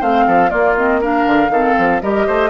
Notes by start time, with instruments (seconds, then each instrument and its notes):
0.00 bassoon A3, clarinet C4, oboe C5, flute F5
0.27 bassoon F3, oboe A4
0.49 clarinet A#3, bassoon A#3, oboe F4, flute D5
0.76 clarinet C4, flute D#5
1.01 clarinet D4, oboe A#4, flute F5
1.26 bassoon D3
1.49 bassoon D#3, clarinet C4, oboe A4
1.78 bassoon F3
2.02 bassoon G3, clarinet G4, oboe A#4, flute D#5
2.27 bassoon A3, oboe C5